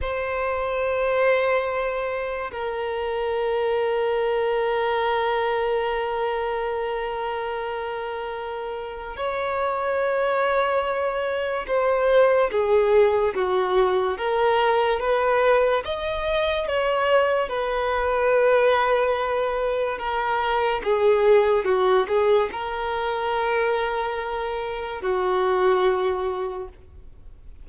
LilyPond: \new Staff \with { instrumentName = "violin" } { \time 4/4 \tempo 4 = 72 c''2. ais'4~ | ais'1~ | ais'2. cis''4~ | cis''2 c''4 gis'4 |
fis'4 ais'4 b'4 dis''4 | cis''4 b'2. | ais'4 gis'4 fis'8 gis'8 ais'4~ | ais'2 fis'2 | }